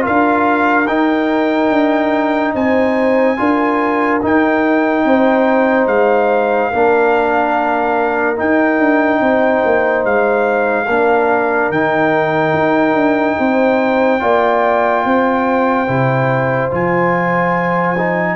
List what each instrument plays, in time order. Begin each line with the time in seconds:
0.00 trombone F4, horn A#4, trumpet F5
0.07 tuba D4
0.86 tuba D#4, trombone D#4, trumpet G5
1.70 tuba D4
2.54 tuba C4, horn C5, trumpet G#5
3.37 tuba D4, trombone F4, horn A#4
4.22 trombone D#4, tuba D#4, trumpet G5
5.04 tuba C4, horn C5
5.86 tuba G#3, trumpet F5
6.70 tuba A#3, trombone D4, horn A#4
8.35 trombone D#4, tuba D#4, trumpet G5
8.78 tuba D4
9.20 tuba C4, horn C5
9.64 tuba A#3
10.05 tuba G#3, trumpet F5
10.86 tuba A#3, trombone D4, horn A#4
11.69 tuba D#3, trombone D#4, trumpet G5
12.53 tuba D#4
12.94 tuba D4
13.38 tuba C4, horn C5
14.19 tuba A#3, trombone F4, horn D5
15.05 tuba C4, horn C5
15.87 tuba C3, trombone E4
16.71 tuba F3, trombone F4, trumpet G#5
17.97 trombone D#4